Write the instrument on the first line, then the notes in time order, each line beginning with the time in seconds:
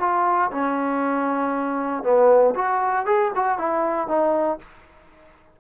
trombone
0.00 F4
0.51 C#4
2.03 B3
2.55 F#4
3.06 G#4
3.36 F#4
3.58 E4
4.08 D#4